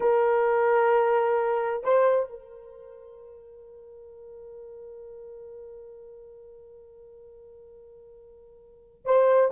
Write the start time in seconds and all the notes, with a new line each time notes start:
0.00 A#4
1.83 C5
2.29 A#4
9.05 C5